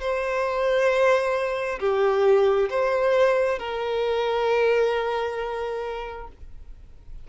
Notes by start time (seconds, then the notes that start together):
0.00 C5
1.80 G4
2.69 C5
3.59 A#4